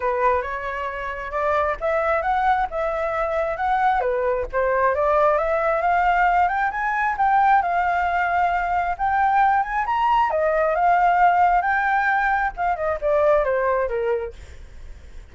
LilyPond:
\new Staff \with { instrumentName = "flute" } { \time 4/4 \tempo 4 = 134 b'4 cis''2 d''4 | e''4 fis''4 e''2 | fis''4 b'4 c''4 d''4 | e''4 f''4. g''8 gis''4 |
g''4 f''2. | g''4. gis''8 ais''4 dis''4 | f''2 g''2 | f''8 dis''8 d''4 c''4 ais'4 | }